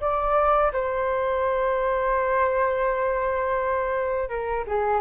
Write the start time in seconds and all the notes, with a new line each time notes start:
0.00 D5
0.72 C5
4.29 A#4
4.67 G#4